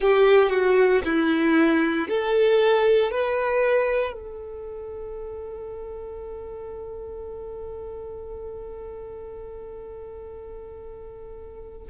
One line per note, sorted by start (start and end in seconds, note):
0.00 0.49 G4
0.49 1.01 F#4
1.04 2.08 E4
2.08 3.11 A4
3.11 4.12 B4
4.12 11.88 A4